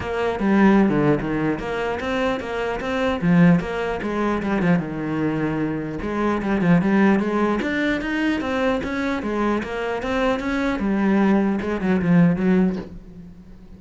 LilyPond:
\new Staff \with { instrumentName = "cello" } { \time 4/4 \tempo 4 = 150 ais4 g4~ g16 d8. dis4 | ais4 c'4 ais4 c'4 | f4 ais4 gis4 g8 f8 | dis2. gis4 |
g8 f8 g4 gis4 d'4 | dis'4 c'4 cis'4 gis4 | ais4 c'4 cis'4 g4~ | g4 gis8 fis8 f4 fis4 | }